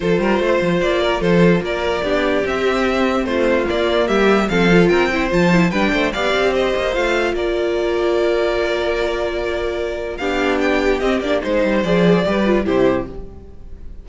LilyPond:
<<
  \new Staff \with { instrumentName = "violin" } { \time 4/4 \tempo 4 = 147 c''2 d''4 c''4 | d''2 e''2 | c''4 d''4 e''4 f''4 | g''4 a''4 g''4 f''4 |
dis''4 f''4 d''2~ | d''1~ | d''4 f''4 g''4 dis''8 d''8 | c''4 d''2 c''4 | }
  \new Staff \with { instrumentName = "violin" } { \time 4/4 a'8 ais'8 c''4. ais'8 a'4 | ais'4 g'2. | f'2 g'4 a'4 | ais'8 c''4. b'8 c''8 d''4 |
c''2 ais'2~ | ais'1~ | ais'4 g'2. | c''2 b'4 g'4 | }
  \new Staff \with { instrumentName = "viola" } { \time 4/4 f'1~ | f'4 d'4 c'2~ | c'4 ais2 c'8 f'8~ | f'8 e'8 f'8 e'8 d'4 g'4~ |
g'4 f'2.~ | f'1~ | f'4 d'2 c'8 d'8 | dis'4 gis'4 g'8 f'8 e'4 | }
  \new Staff \with { instrumentName = "cello" } { \time 4/4 f8 g8 a8 f8 ais4 f4 | ais4 b4 c'2 | a4 ais4 g4 f4 | c'4 f4 g8 a8 b8 c'8~ |
c'8 ais8 a4 ais2~ | ais1~ | ais4 b2 c'8 ais8 | gis8 g8 f4 g4 c4 | }
>>